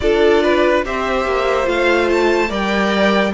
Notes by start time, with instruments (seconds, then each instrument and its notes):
0.00 cello D4, viola F4, violin A4 D5
0.43 violin B4
0.84 cello C4, viola G4, violin C5 E5
1.25 cello A#3
1.64 cello A3, viola F4, violin F5
2.09 violin A5
2.49 cello G3, viola A#4, violin D5 G5